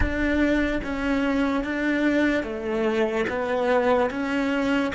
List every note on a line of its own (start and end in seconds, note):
0.00 0.80 D4
0.83 1.64 C#4
1.64 2.43 D4
2.43 3.25 A3
3.29 4.10 B3
4.10 4.92 C#4